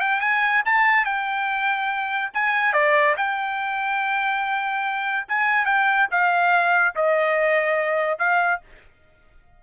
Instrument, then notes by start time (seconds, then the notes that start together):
trumpet
0.00 G5
0.20 G#5
0.65 A5
1.05 G5
2.34 G#5
2.73 D5
3.17 G5
5.28 G#5
5.65 G5
6.11 F5
6.95 D#5
8.18 F5